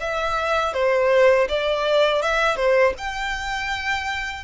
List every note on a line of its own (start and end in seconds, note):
0.00 0.73 E5
0.73 1.47 C5
1.48 2.22 D5
2.22 2.56 E5
2.56 2.93 C5
2.97 4.44 G5